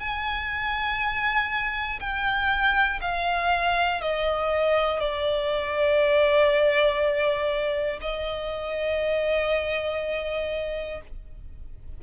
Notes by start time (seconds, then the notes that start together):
0.00 G#5
2.00 G5
3.02 F5
4.02 D#5
5.00 D5
8.01 D#5